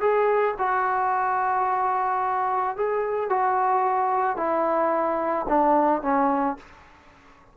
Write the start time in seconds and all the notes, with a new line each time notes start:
0.00 G#4
0.58 F#4
2.76 G#4
3.29 F#4
4.37 E4
5.48 D4
6.02 C#4